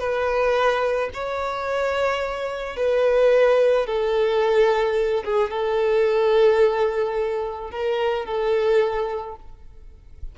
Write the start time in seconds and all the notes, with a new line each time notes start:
0.00 B4
1.14 C#5
2.77 B4
3.87 A4
5.25 G#4
5.51 A4
7.71 A#4
8.26 A4